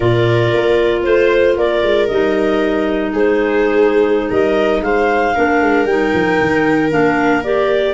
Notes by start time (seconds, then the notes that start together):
0.00 A#2 F4 A#4 D5
0.53 A#3
1.03 A3 C5
1.56 A#3 A#4 D5
1.82 G#3
2.07 G3 D#4 D#5
3.13 G#3 G#4 C5
4.30 G3 A#4 D#5
4.81 G#3 C5 F5
5.34 A#3 D4 A#4
5.61 G#3
5.85 G3 D#4 G5
6.13 F3
6.41 D#3
6.89 A#3 D4 F5
7.43 G4 D5